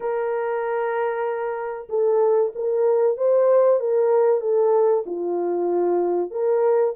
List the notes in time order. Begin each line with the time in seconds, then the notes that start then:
0.00 A#4
1.89 A4
2.55 A#4
3.17 C5
3.80 A#4
4.40 A4
5.06 F4
6.30 A#4